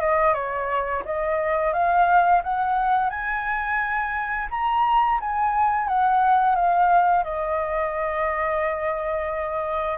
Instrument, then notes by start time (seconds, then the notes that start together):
flute
0.00 D#5
0.34 C#5
1.05 D#5
1.73 F5
2.43 F#5
3.10 G#5
4.51 A#5
5.20 G#5
5.88 F#5
6.55 F5
7.24 D#5